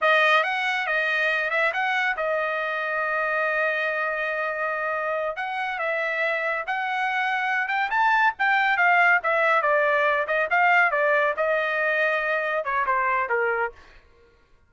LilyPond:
\new Staff \with { instrumentName = "trumpet" } { \time 4/4 \tempo 4 = 140 dis''4 fis''4 dis''4. e''8 | fis''4 dis''2.~ | dis''1~ | dis''8 fis''4 e''2 fis''8~ |
fis''2 g''8 a''4 g''8~ | g''8 f''4 e''4 d''4. | dis''8 f''4 d''4 dis''4.~ | dis''4. cis''8 c''4 ais'4 | }